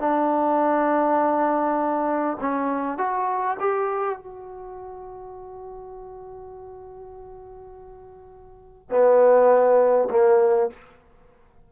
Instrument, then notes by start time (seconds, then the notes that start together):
trombone
0.00 D4
2.41 C#4
2.98 F#4
3.60 G4
4.19 F#4
8.90 B3
10.11 A#3